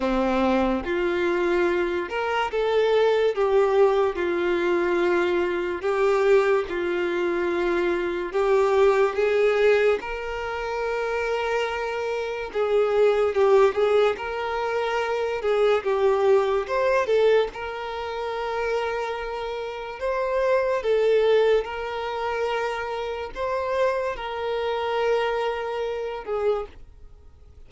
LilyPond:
\new Staff \with { instrumentName = "violin" } { \time 4/4 \tempo 4 = 72 c'4 f'4. ais'8 a'4 | g'4 f'2 g'4 | f'2 g'4 gis'4 | ais'2. gis'4 |
g'8 gis'8 ais'4. gis'8 g'4 | c''8 a'8 ais'2. | c''4 a'4 ais'2 | c''4 ais'2~ ais'8 gis'8 | }